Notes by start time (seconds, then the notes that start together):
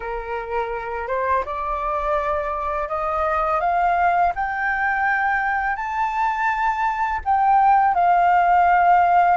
0.00 A#4
1.07 C5
1.45 D5
2.88 D#5
3.60 F5
4.35 G5
5.75 A5
7.24 G5
7.94 F5